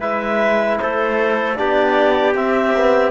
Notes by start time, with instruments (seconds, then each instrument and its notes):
0.00 cello G#3, trombone E4, trumpet B4, clarinet E5
0.80 cello A3, trumpet A4, clarinet C5
1.56 cello B3, trombone D4, trumpet G4, clarinet D5
2.35 cello C4, trombone C4, clarinet E5
2.76 trombone B3